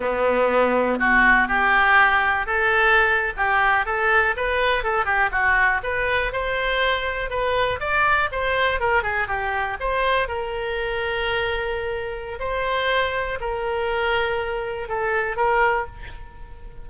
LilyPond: \new Staff \with { instrumentName = "oboe" } { \time 4/4 \tempo 4 = 121 b2 fis'4 g'4~ | g'4 a'4.~ a'16 g'4 a'16~ | a'8. b'4 a'8 g'8 fis'4 b'16~ | b'8. c''2 b'4 d''16~ |
d''8. c''4 ais'8 gis'8 g'4 c''16~ | c''8. ais'2.~ ais'16~ | ais'4 c''2 ais'4~ | ais'2 a'4 ais'4 | }